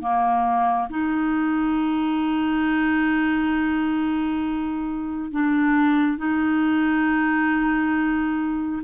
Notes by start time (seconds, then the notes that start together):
0.00 A#3
0.89 D#4
5.31 D4
6.17 D#4